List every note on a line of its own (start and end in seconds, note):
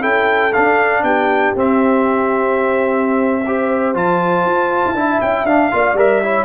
0.00 0.55 C#4
0.00 0.52 E4
0.00 1.01 A4
0.00 0.53 G5
0.53 1.56 D4
0.53 1.03 D4
0.53 1.04 F5
1.03 1.53 B3
1.03 3.44 G4
1.03 1.54 G5
1.56 3.95 C4
1.56 3.45 C4
1.56 3.97 E5
3.46 3.95 G4
3.46 4.97 C5
3.95 4.45 F3
3.95 4.96 F4
3.95 5.21 A5
4.45 4.83 F4
4.86 4.94 E4
4.94 5.20 D4
4.94 5.47 E4
4.94 5.74 E5
5.21 5.44 C#4
5.21 5.46 G5
5.44 5.69 D4
5.44 5.72 D4
5.44 5.97 F5
5.72 5.94 A#3
5.72 5.97 F4
5.72 6.23 D5
5.94 6.44 G3
5.94 6.22 A#4
5.94 6.45 E5
6.23 6.45 E4
6.23 6.45 C#5